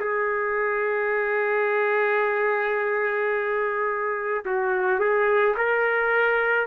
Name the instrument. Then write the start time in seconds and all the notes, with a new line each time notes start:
trumpet
0.00 G#4
4.45 F#4
4.99 G#4
5.57 A#4